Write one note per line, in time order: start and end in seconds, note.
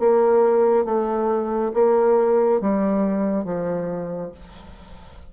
0.00 0.85 A#3
0.85 1.72 A3
1.74 2.61 A#3
2.61 3.45 G3
3.45 4.32 F3